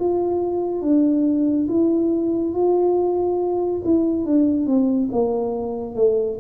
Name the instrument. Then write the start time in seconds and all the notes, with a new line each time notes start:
tuba
0.00 F4
0.82 D4
1.69 E4
2.54 F4
3.85 E4
4.25 D4
4.67 C4
5.12 A#3
5.96 A3